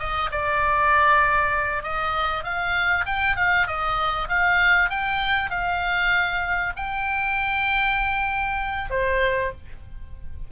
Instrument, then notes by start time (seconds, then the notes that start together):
oboe
0.00 D#5
0.32 D5
1.83 D#5
2.44 F5
3.06 G5
3.37 F5
3.67 D#5
4.29 F5
4.90 G5
5.51 F5
6.77 G5
8.91 C5